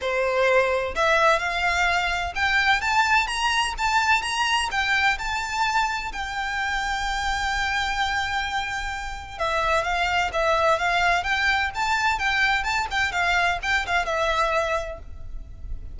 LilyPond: \new Staff \with { instrumentName = "violin" } { \time 4/4 \tempo 4 = 128 c''2 e''4 f''4~ | f''4 g''4 a''4 ais''4 | a''4 ais''4 g''4 a''4~ | a''4 g''2.~ |
g''1 | e''4 f''4 e''4 f''4 | g''4 a''4 g''4 a''8 g''8 | f''4 g''8 f''8 e''2 | }